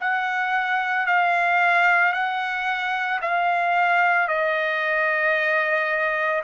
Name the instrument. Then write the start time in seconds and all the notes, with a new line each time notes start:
trumpet
0.00 F#5
1.06 F5
2.12 F#5
3.21 F5
4.28 D#5